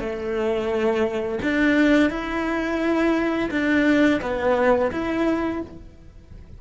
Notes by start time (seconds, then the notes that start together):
0.00 A3
1.43 D4
2.11 E4
3.51 D4
4.22 B3
4.92 E4